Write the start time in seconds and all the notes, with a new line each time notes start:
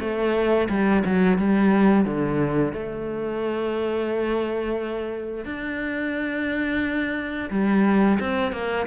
0.00 A3
0.69 G3
1.05 F#3
1.38 G3
2.05 D3
2.73 A3
5.45 D4
7.50 G3
8.20 C4
8.52 A#3